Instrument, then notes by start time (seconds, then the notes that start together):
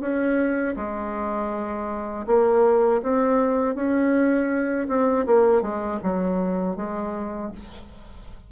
bassoon
0.00 C#4
0.76 G#3
2.26 A#3
3.02 C4
3.75 C#4
4.88 C4
5.26 A#3
5.61 G#3
6.03 F#3
6.76 G#3